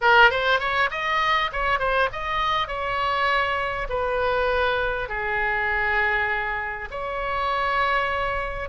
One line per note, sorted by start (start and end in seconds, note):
0.01 0.30 A#4
0.30 0.59 C5
0.59 0.89 C#5
0.90 1.50 D#5
1.52 1.79 C#5
1.79 2.09 C5
2.12 2.67 D#5
2.67 3.87 C#5
3.89 5.08 B4
5.08 6.88 G#4
6.90 8.69 C#5